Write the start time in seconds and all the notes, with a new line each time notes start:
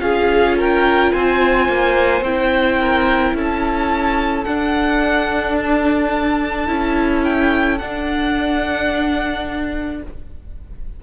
0.00 C#4 F4 G#4 F5
0.58 A#4 G5
1.12 C4 C5 G#5
1.69 A#3
2.22 C4 E4 G5
2.80 A#4
3.34 C#4 A4 A5
4.44 D4 F#5
5.58 A5
6.67 C#4 E4
7.24 G5
7.78 D4 F#5